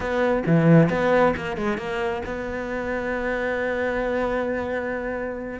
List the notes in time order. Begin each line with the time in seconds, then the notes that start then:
0.00 B3
0.46 E3
0.89 B3
1.36 A#3
1.57 G#3
1.77 A#3
2.25 B3